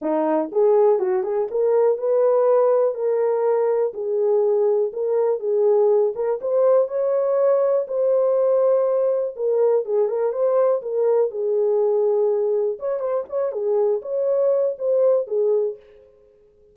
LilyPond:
\new Staff \with { instrumentName = "horn" } { \time 4/4 \tempo 4 = 122 dis'4 gis'4 fis'8 gis'8 ais'4 | b'2 ais'2 | gis'2 ais'4 gis'4~ | gis'8 ais'8 c''4 cis''2 |
c''2. ais'4 | gis'8 ais'8 c''4 ais'4 gis'4~ | gis'2 cis''8 c''8 cis''8 gis'8~ | gis'8 cis''4. c''4 gis'4 | }